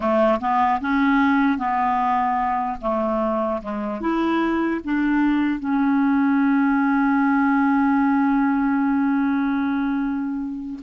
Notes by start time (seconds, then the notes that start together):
0.00 A3
0.40 B3
0.80 C#4
1.58 B3
2.81 A3
3.62 G#3
4.00 E4
4.84 D4
5.59 C#4